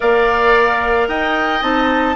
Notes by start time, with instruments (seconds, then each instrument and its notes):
0.00 bassoon A#3, clarinet A#4, oboe D5, flute F5
1.08 bassoon D#4, oboe D#5, flute G5
1.61 bassoon C4, clarinet D#4, flute A5